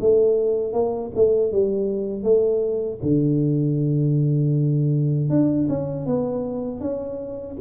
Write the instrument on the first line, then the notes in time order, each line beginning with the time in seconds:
tuba
0.00 A3
0.72 A#3
1.15 A3
1.52 G3
2.23 A3
3.02 D3
5.29 D4
5.69 C#4
6.06 B3
6.80 C#4